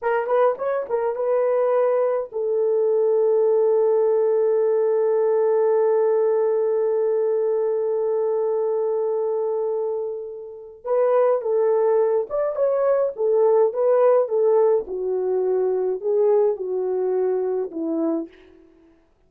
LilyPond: \new Staff \with { instrumentName = "horn" } { \time 4/4 \tempo 4 = 105 ais'8 b'8 cis''8 ais'8 b'2 | a'1~ | a'1~ | a'1~ |
a'2. b'4 | a'4. d''8 cis''4 a'4 | b'4 a'4 fis'2 | gis'4 fis'2 e'4 | }